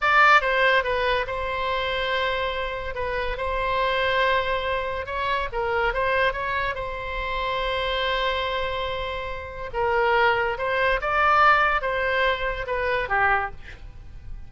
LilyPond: \new Staff \with { instrumentName = "oboe" } { \time 4/4 \tempo 4 = 142 d''4 c''4 b'4 c''4~ | c''2. b'4 | c''1 | cis''4 ais'4 c''4 cis''4 |
c''1~ | c''2. ais'4~ | ais'4 c''4 d''2 | c''2 b'4 g'4 | }